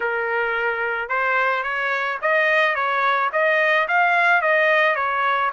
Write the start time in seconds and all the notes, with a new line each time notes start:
0.00 A#4
1.08 C5
1.63 C#5
2.21 D#5
2.75 C#5
3.32 D#5
3.88 F5
4.41 D#5
4.95 C#5